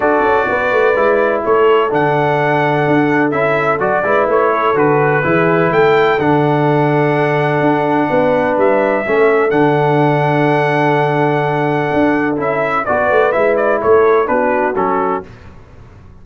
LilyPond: <<
  \new Staff \with { instrumentName = "trumpet" } { \time 4/4 \tempo 4 = 126 d''2. cis''4 | fis''2. e''4 | d''4 cis''4 b'2 | g''4 fis''2.~ |
fis''2 e''2 | fis''1~ | fis''2 e''4 d''4 | e''8 d''8 cis''4 b'4 a'4 | }
  \new Staff \with { instrumentName = "horn" } { \time 4/4 a'4 b'2 a'4~ | a'1~ | a'8 b'4 a'4. gis'4 | a'1~ |
a'4 b'2 a'4~ | a'1~ | a'2. b'4~ | b'4 a'4 fis'2 | }
  \new Staff \with { instrumentName = "trombone" } { \time 4/4 fis'2 e'2 | d'2. e'4 | fis'8 e'4. fis'4 e'4~ | e'4 d'2.~ |
d'2. cis'4 | d'1~ | d'2 e'4 fis'4 | e'2 d'4 cis'4 | }
  \new Staff \with { instrumentName = "tuba" } { \time 4/4 d'8 cis'8 b8 a8 gis4 a4 | d2 d'4 cis'4 | fis8 gis8 a4 d4 e4 | a4 d2. |
d'4 b4 g4 a4 | d1~ | d4 d'4 cis'4 b8 a8 | gis4 a4 b4 fis4 | }
>>